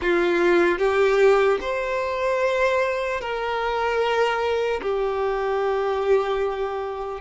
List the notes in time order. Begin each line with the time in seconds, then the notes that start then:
0.01 F4
0.78 G4
1.60 C5
3.20 A#4
4.81 G4